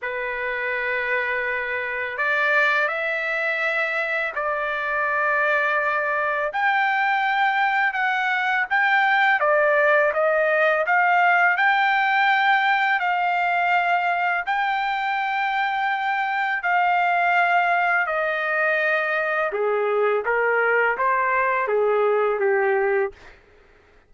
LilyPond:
\new Staff \with { instrumentName = "trumpet" } { \time 4/4 \tempo 4 = 83 b'2. d''4 | e''2 d''2~ | d''4 g''2 fis''4 | g''4 d''4 dis''4 f''4 |
g''2 f''2 | g''2. f''4~ | f''4 dis''2 gis'4 | ais'4 c''4 gis'4 g'4 | }